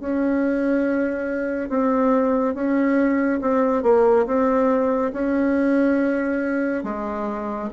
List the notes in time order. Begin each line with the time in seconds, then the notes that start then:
0.00 C#4
1.69 C4
2.54 C#4
3.41 C4
3.83 A#3
4.26 C4
5.13 C#4
6.83 G#3